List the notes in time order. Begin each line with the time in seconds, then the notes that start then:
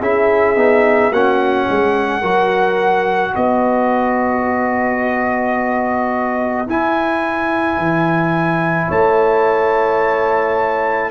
0.00 C#4 E4 G#4 E5
0.56 B3 D#4
1.10 A#3 C#4 F#4 F#5
1.68 G#3 G#4
2.21 F#3 F#4 A#4
3.32 B3 B4 D#5
6.66 E4 G#5
7.77 E3
8.87 A3 C#5 A5